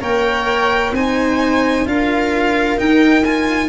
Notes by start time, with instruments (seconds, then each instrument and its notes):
0.00 tuba A#3, cello A#4, viola C#5, violin G5
0.91 tuba C4, cello D#4, viola C5, violin G#5
1.85 tuba D4, cello F4, viola A#4, violin F5
2.77 cello D#4, tuba D#4, violin G5
3.24 cello F4, violin G#5